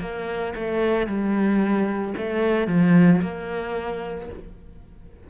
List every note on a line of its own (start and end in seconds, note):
0.00 0.54 A#3
0.55 1.07 A3
1.07 2.14 G3
2.17 2.67 A3
2.67 3.20 F3
3.21 4.29 A#3